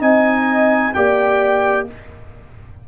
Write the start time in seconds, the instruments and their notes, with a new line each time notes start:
0.00 tuba C4, trombone D#4, horn D#5, trumpet G#5
0.94 tuba A#3, trombone G4, horn D5, trumpet G5